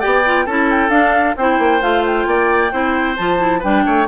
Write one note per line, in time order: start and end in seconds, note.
0.00 0.47 B3
0.00 0.24 G4
0.00 0.45 D5
0.00 0.46 G5
0.25 0.48 F4
0.46 0.89 C#4
0.46 0.91 E4
0.46 1.36 A4
0.46 0.69 A5
0.70 0.91 G5
0.89 1.34 D4
0.89 1.36 D4
0.89 1.36 F5
1.37 1.59 C4
1.37 1.82 E4
1.37 2.28 C5
1.37 1.83 G5
1.59 1.81 A#3
1.82 2.26 A3
1.82 2.72 F4
1.82 2.05 F5
2.06 3.17 G5
2.26 2.72 A#3
2.26 2.72 D5
2.72 3.18 C4
2.72 3.17 E4
2.72 3.60 C5
3.17 3.64 F3
3.17 3.39 F4
3.17 3.62 A5
3.39 3.61 E4
3.60 3.86 G3
3.60 4.09 D4
3.60 3.82 B4
3.60 4.09 G5
3.86 4.09 A3
3.86 4.08 C#5